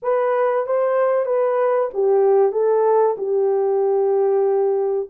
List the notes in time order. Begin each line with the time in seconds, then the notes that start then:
0.02 B4
0.66 C5
1.25 B4
1.93 G4
2.52 A4
3.17 G4